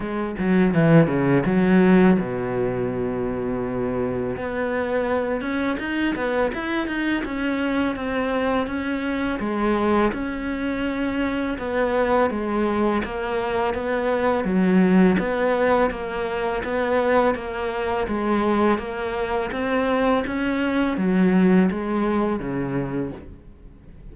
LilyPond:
\new Staff \with { instrumentName = "cello" } { \time 4/4 \tempo 4 = 83 gis8 fis8 e8 cis8 fis4 b,4~ | b,2 b4. cis'8 | dis'8 b8 e'8 dis'8 cis'4 c'4 | cis'4 gis4 cis'2 |
b4 gis4 ais4 b4 | fis4 b4 ais4 b4 | ais4 gis4 ais4 c'4 | cis'4 fis4 gis4 cis4 | }